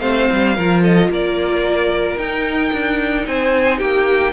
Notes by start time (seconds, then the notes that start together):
0.00 A3 C4 C5 F5
0.32 G3
0.56 F3 F4 A#4
0.82 A4 D#5
1.09 A#3 A#4 D5
2.17 D#4 G5
2.73 D4
3.27 C4 C5 G#5
3.79 A#3 G4 G5